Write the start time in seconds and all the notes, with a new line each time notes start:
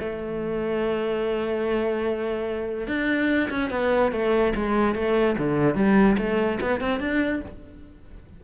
0.00 A3
2.87 D4
3.50 C#4
3.70 B3
4.12 A3
4.56 G#3
4.95 A3
5.38 D3
5.75 G3
6.18 A3
6.61 B3
6.81 C4
7.00 D4